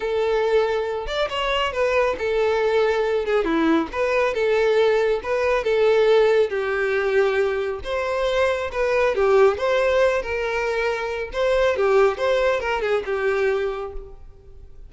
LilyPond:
\new Staff \with { instrumentName = "violin" } { \time 4/4 \tempo 4 = 138 a'2~ a'8 d''8 cis''4 | b'4 a'2~ a'8 gis'8 | e'4 b'4 a'2 | b'4 a'2 g'4~ |
g'2 c''2 | b'4 g'4 c''4. ais'8~ | ais'2 c''4 g'4 | c''4 ais'8 gis'8 g'2 | }